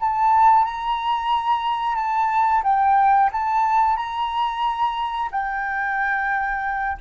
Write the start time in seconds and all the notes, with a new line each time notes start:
0.00 A5
0.65 A#5
1.96 A5
2.63 G5
3.32 A5
3.97 A#5
5.32 G5